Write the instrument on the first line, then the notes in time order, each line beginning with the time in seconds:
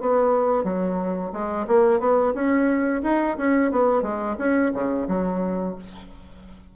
bassoon
0.00 B3
0.64 F#3
1.32 G#3
1.67 A#3
1.99 B3
2.34 C#4
3.03 D#4
3.37 C#4
3.71 B3
4.02 G#3
4.38 C#4
4.73 C#3
5.08 F#3